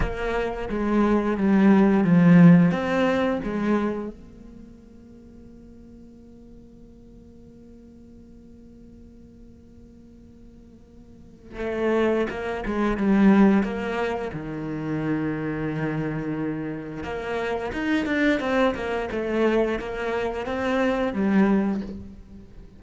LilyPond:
\new Staff \with { instrumentName = "cello" } { \time 4/4 \tempo 4 = 88 ais4 gis4 g4 f4 | c'4 gis4 ais2~ | ais1~ | ais1~ |
ais4 a4 ais8 gis8 g4 | ais4 dis2.~ | dis4 ais4 dis'8 d'8 c'8 ais8 | a4 ais4 c'4 g4 | }